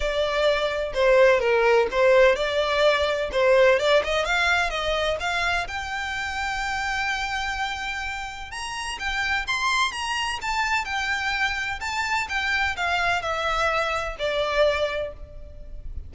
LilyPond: \new Staff \with { instrumentName = "violin" } { \time 4/4 \tempo 4 = 127 d''2 c''4 ais'4 | c''4 d''2 c''4 | d''8 dis''8 f''4 dis''4 f''4 | g''1~ |
g''2 ais''4 g''4 | c'''4 ais''4 a''4 g''4~ | g''4 a''4 g''4 f''4 | e''2 d''2 | }